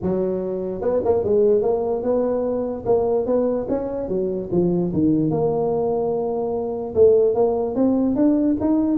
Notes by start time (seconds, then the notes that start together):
0.01 F#3
0.81 B3
1.04 A#3
1.24 G#3
1.61 A#3
2.02 B3
2.85 A#3
3.25 B3
3.68 C#4
4.08 F#3
4.51 F3
4.93 D#3
5.30 A#3
6.94 A3
7.34 A#3
7.75 C4
8.15 D4
8.60 D#4